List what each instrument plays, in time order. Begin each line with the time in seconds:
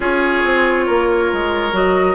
0.00 bassoon C#4, clarinet F4, oboe G#4, flute C#5
0.44 bassoon C4
0.86 bassoon A#3, oboe A#4
1.32 bassoon G#3
1.72 bassoon F#3, clarinet F#4, flute D#5